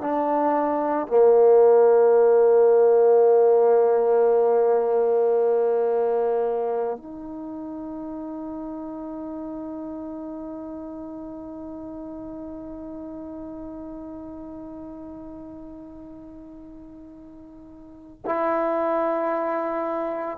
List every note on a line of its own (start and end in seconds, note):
0.00 1.07 D4
1.08 6.97 A#3
6.97 18.22 D#4
18.25 20.38 E4